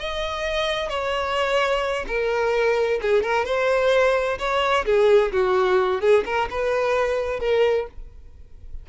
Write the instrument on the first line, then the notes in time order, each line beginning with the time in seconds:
violin
0.00 D#5
0.89 C#5
2.08 A#4
3.02 G#4
3.23 A#4
3.45 C5
4.39 C#5
4.86 G#4
5.32 F#4
6.01 G#4
6.26 A#4
6.51 B4
7.40 A#4